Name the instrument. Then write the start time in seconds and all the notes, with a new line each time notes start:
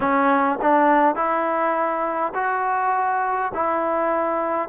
trombone
0.00 C#4
0.61 D4
1.15 E4
2.34 F#4
3.53 E4